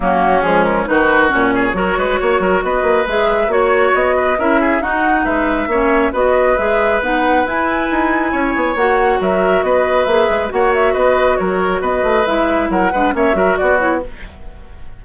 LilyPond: <<
  \new Staff \with { instrumentName = "flute" } { \time 4/4 \tempo 4 = 137 fis'4 gis'8 ais'8 b'4 cis''4~ | cis''2 dis''4 e''4 | cis''4 dis''4 e''4 fis''4 | e''2 dis''4 e''4 |
fis''4 gis''2. | fis''4 e''4 dis''4 e''4 | fis''8 e''8 dis''4 cis''4 dis''4 | e''4 fis''4 e''4 d''8 cis''8 | }
  \new Staff \with { instrumentName = "oboe" } { \time 4/4 cis'2 fis'4. gis'8 | ais'8 b'8 cis''8 ais'8 b'2 | cis''4. b'8 ais'8 gis'8 fis'4 | b'4 cis''4 b'2~ |
b'2. cis''4~ | cis''4 ais'4 b'2 | cis''4 b'4 ais'4 b'4~ | b'4 ais'8 b'8 cis''8 ais'8 fis'4 | }
  \new Staff \with { instrumentName = "clarinet" } { \time 4/4 ais4 gis4 dis'4 cis'4 | fis'2. gis'4 | fis'2 e'4 dis'4~ | dis'4 cis'4 fis'4 gis'4 |
dis'4 e'2. | fis'2. gis'4 | fis'1 | e'4. d'8 cis'8 fis'4 e'8 | }
  \new Staff \with { instrumentName = "bassoon" } { \time 4/4 fis4 f4 dis4 ais,4 | fis8 gis8 ais8 fis8 b8 ais8 gis4 | ais4 b4 cis'4 dis'4 | gis4 ais4 b4 gis4 |
b4 e'4 dis'4 cis'8 b8 | ais4 fis4 b4 ais8 gis8 | ais4 b4 fis4 b8 a8 | gis4 fis8 gis8 ais8 fis8 b4 | }
>>